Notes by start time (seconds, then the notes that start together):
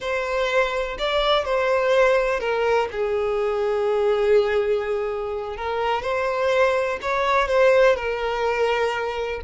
0.00 C5
0.98 D5
1.44 C5
2.40 A#4
2.91 G#4
5.56 A#4
6.02 C5
7.01 C#5
7.48 C5
7.96 A#4